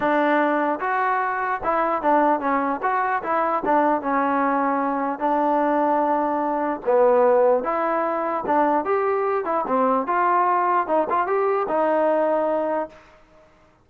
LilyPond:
\new Staff \with { instrumentName = "trombone" } { \time 4/4 \tempo 4 = 149 d'2 fis'2 | e'4 d'4 cis'4 fis'4 | e'4 d'4 cis'2~ | cis'4 d'2.~ |
d'4 b2 e'4~ | e'4 d'4 g'4. e'8 | c'4 f'2 dis'8 f'8 | g'4 dis'2. | }